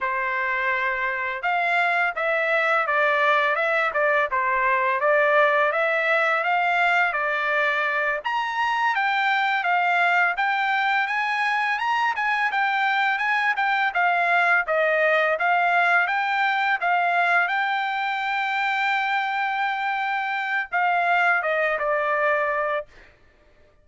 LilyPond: \new Staff \with { instrumentName = "trumpet" } { \time 4/4 \tempo 4 = 84 c''2 f''4 e''4 | d''4 e''8 d''8 c''4 d''4 | e''4 f''4 d''4. ais''8~ | ais''8 g''4 f''4 g''4 gis''8~ |
gis''8 ais''8 gis''8 g''4 gis''8 g''8 f''8~ | f''8 dis''4 f''4 g''4 f''8~ | f''8 g''2.~ g''8~ | g''4 f''4 dis''8 d''4. | }